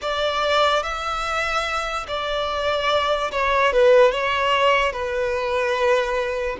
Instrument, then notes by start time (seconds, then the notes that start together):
violin
0.01 D5
0.83 E5
2.07 D5
3.31 C#5
3.72 B4
4.11 C#5
4.92 B4